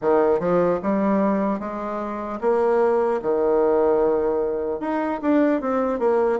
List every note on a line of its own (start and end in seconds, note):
0.01 0.39 D#3
0.39 0.79 F3
0.82 1.59 G3
1.59 2.39 G#3
2.40 3.20 A#3
3.22 4.80 D#3
4.80 5.20 D#4
5.21 5.61 D4
5.61 5.99 C4
5.99 6.39 A#3